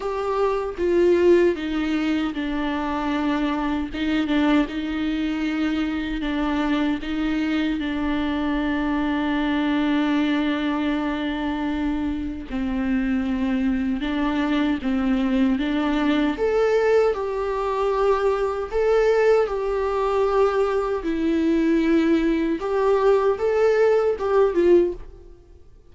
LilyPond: \new Staff \with { instrumentName = "viola" } { \time 4/4 \tempo 4 = 77 g'4 f'4 dis'4 d'4~ | d'4 dis'8 d'8 dis'2 | d'4 dis'4 d'2~ | d'1 |
c'2 d'4 c'4 | d'4 a'4 g'2 | a'4 g'2 e'4~ | e'4 g'4 a'4 g'8 f'8 | }